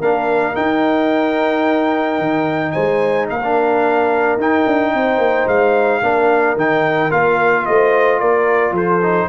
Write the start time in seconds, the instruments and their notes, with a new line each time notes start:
0.00 tuba A#3, trombone D4, horn A#4, trumpet F5
0.55 trombone D#4, tuba D#4, trumpet G5
2.19 tuba D#3
2.72 tuba G#3, horn C5, trumpet G#5
3.30 tuba A#3, horn A#4, trumpet F5
3.44 trombone D4
4.37 tuba D#4, trombone D#4, trumpet G5
4.67 tuba D4
4.94 tuba C4, horn C5
5.19 tuba A#3
5.47 tuba G#3, trumpet F5
6.03 tuba A#3, trombone D4, horn A#4
6.56 tuba D#3, trombone D#4, trumpet G5
7.11 tuba A#3, trombone F4, trumpet F5
7.66 tuba A3, horn C5, trumpet D#5
8.20 tuba A#3, horn A#4, trumpet D5
8.72 tuba F3, horn A4, trumpet C5
9.03 trombone D#4